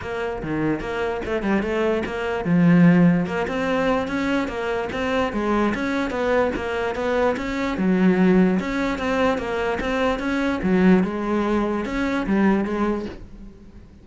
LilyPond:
\new Staff \with { instrumentName = "cello" } { \time 4/4 \tempo 4 = 147 ais4 dis4 ais4 a8 g8 | a4 ais4 f2 | ais8 c'4. cis'4 ais4 | c'4 gis4 cis'4 b4 |
ais4 b4 cis'4 fis4~ | fis4 cis'4 c'4 ais4 | c'4 cis'4 fis4 gis4~ | gis4 cis'4 g4 gis4 | }